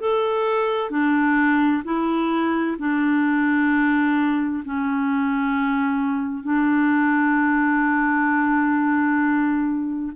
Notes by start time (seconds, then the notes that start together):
0.00 A4
0.90 D4
1.85 E4
2.79 D4
4.65 C#4
6.43 D4